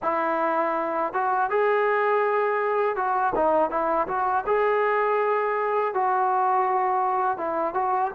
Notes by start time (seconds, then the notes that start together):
0.02 E4
1.13 F#4
1.49 G#4
2.96 F#4
3.35 D#4
3.70 E4
4.07 F#4
4.46 G#4
5.94 F#4
7.37 E4
7.74 F#4